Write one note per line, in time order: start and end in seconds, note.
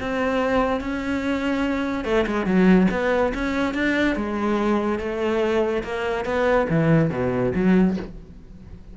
0.00 0.80 C4
0.80 2.04 C#4
2.04 2.25 A3
2.26 2.45 G#3
2.45 2.87 F#3
2.91 3.33 B3
3.34 3.74 C#4
3.74 4.15 D4
4.15 4.99 G#3
4.99 5.83 A3
5.83 6.25 A#3
6.25 6.67 B3
6.69 7.10 E3
7.10 7.52 B2
7.54 7.96 F#3